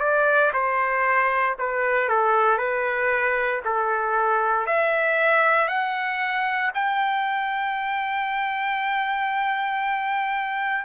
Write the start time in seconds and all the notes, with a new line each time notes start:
0.00 D5
0.53 C5
1.59 B4
2.09 A4
2.58 B4
3.65 A4
4.67 E5
5.68 F#5
6.74 G5